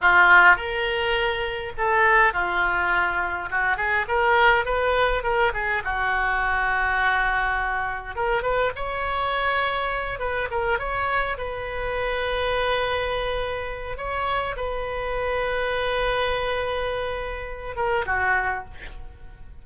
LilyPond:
\new Staff \with { instrumentName = "oboe" } { \time 4/4 \tempo 4 = 103 f'4 ais'2 a'4 | f'2 fis'8 gis'8 ais'4 | b'4 ais'8 gis'8 fis'2~ | fis'2 ais'8 b'8 cis''4~ |
cis''4. b'8 ais'8 cis''4 b'8~ | b'1 | cis''4 b'2.~ | b'2~ b'8 ais'8 fis'4 | }